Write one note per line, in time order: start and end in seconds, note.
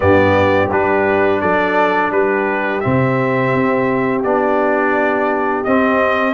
0.00 0.71 G2
0.00 0.69 B3
0.00 1.40 G4
0.00 0.70 D5
0.71 1.42 G3
0.71 2.82 D4
0.71 1.40 B4
1.40 2.11 F#3
1.40 2.11 A4
1.40 2.11 D5
2.11 2.81 G3
2.11 6.34 G4
2.11 2.80 B4
2.80 3.54 C3
2.80 4.24 C4
2.80 4.21 E5
3.54 4.24 C4
4.23 5.65 B3
4.23 5.65 D4
4.23 5.64 D5
5.64 6.34 C4
5.64 6.34 D#5